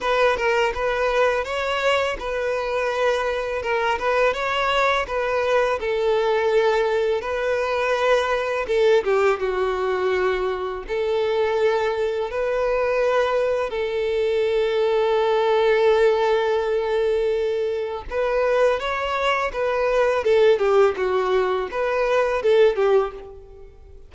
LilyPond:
\new Staff \with { instrumentName = "violin" } { \time 4/4 \tempo 4 = 83 b'8 ais'8 b'4 cis''4 b'4~ | b'4 ais'8 b'8 cis''4 b'4 | a'2 b'2 | a'8 g'8 fis'2 a'4~ |
a'4 b'2 a'4~ | a'1~ | a'4 b'4 cis''4 b'4 | a'8 g'8 fis'4 b'4 a'8 g'8 | }